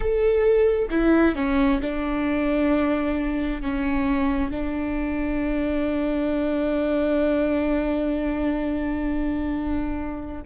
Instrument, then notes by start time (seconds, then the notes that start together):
viola
0.00 A4
0.90 E4
1.35 C#4
1.81 D4
3.61 C#4
4.50 D4